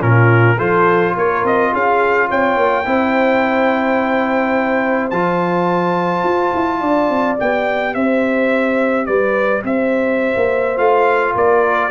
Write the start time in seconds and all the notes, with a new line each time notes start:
0.00 A#2 C#4 F4 A#4
0.56 F3 F4 A4 C5
1.15 A#3 A#4 C#5
1.44 C4 D#5
1.73 C#4 G#4 F5
2.27 C4 C#5 G5
2.56 A#3
2.85 C4 E4 C5
5.10 F3 F4 A5
6.23 F4
6.54 E4
6.80 D4 D5
7.09 C4
7.37 B3 G4 G5
7.94 C4 C5 E5
9.05 G3 B4 D5
9.64 C4 C5 E5
10.36 A#3
10.76 A3 F4 F5
11.35 A#3 A#4 D5